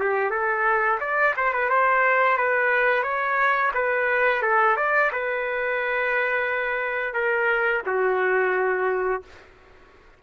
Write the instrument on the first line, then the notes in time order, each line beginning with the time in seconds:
trumpet
0.00 G4
0.31 A4
1.00 D5
1.37 C5
1.53 B4
1.70 C5
2.38 B4
3.03 C#5
3.75 B4
4.43 A4
4.77 D5
5.13 B4
7.14 A#4
7.87 F#4